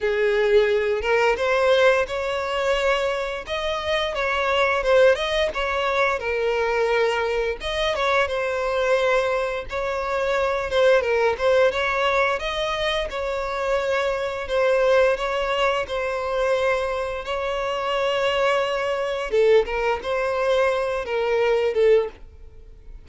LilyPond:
\new Staff \with { instrumentName = "violin" } { \time 4/4 \tempo 4 = 87 gis'4. ais'8 c''4 cis''4~ | cis''4 dis''4 cis''4 c''8 dis''8 | cis''4 ais'2 dis''8 cis''8 | c''2 cis''4. c''8 |
ais'8 c''8 cis''4 dis''4 cis''4~ | cis''4 c''4 cis''4 c''4~ | c''4 cis''2. | a'8 ais'8 c''4. ais'4 a'8 | }